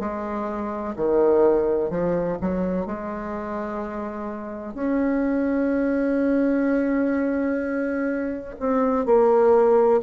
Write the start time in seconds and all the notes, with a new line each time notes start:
0.00 G#3
0.97 D#3
1.90 F3
2.42 F#3
2.86 G#3
4.74 C#4
8.60 C4
9.06 A#3